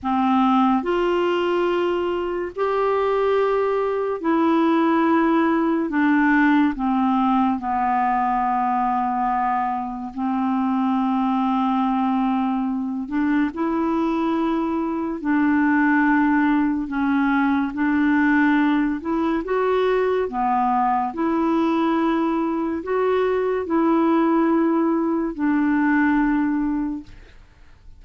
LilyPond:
\new Staff \with { instrumentName = "clarinet" } { \time 4/4 \tempo 4 = 71 c'4 f'2 g'4~ | g'4 e'2 d'4 | c'4 b2. | c'2.~ c'8 d'8 |
e'2 d'2 | cis'4 d'4. e'8 fis'4 | b4 e'2 fis'4 | e'2 d'2 | }